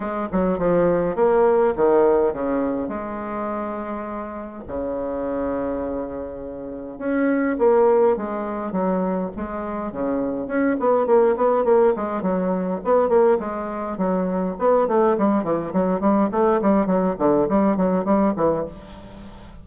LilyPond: \new Staff \with { instrumentName = "bassoon" } { \time 4/4 \tempo 4 = 103 gis8 fis8 f4 ais4 dis4 | cis4 gis2. | cis1 | cis'4 ais4 gis4 fis4 |
gis4 cis4 cis'8 b8 ais8 b8 | ais8 gis8 fis4 b8 ais8 gis4 | fis4 b8 a8 g8 e8 fis8 g8 | a8 g8 fis8 d8 g8 fis8 g8 e8 | }